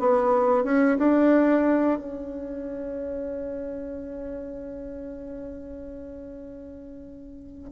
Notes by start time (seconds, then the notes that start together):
0.00 B3
0.64 C#4
0.98 D4
1.99 C#4